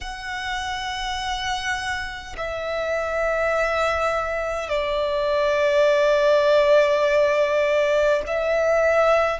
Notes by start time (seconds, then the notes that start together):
0.00 F#5
2.37 E5
4.69 D5
8.27 E5